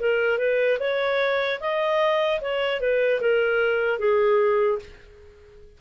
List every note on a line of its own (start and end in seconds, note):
0.00 0.38 A#4
0.38 0.78 B4
0.80 1.60 C#5
1.60 2.40 D#5
2.41 2.80 C#5
2.80 3.20 B4
3.21 3.99 A#4
3.99 4.79 G#4